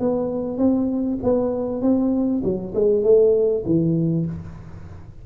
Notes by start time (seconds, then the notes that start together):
0.00 B3
0.58 C4
1.23 B3
1.82 C4
2.44 F#3
2.74 G#3
3.03 A3
3.65 E3